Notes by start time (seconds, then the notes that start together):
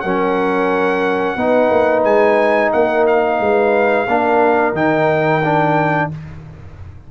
0.00 F#3 C#4 A#4 F#5
1.36 B3 D#4 B4
1.70 A#3
2.04 G#3 G#5
2.72 A#3 A#4 F#5
3.06 F5
3.40 G#3 B4
4.07 A#3 D4 A#4
4.72 D#3 D#4 G5
5.44 D4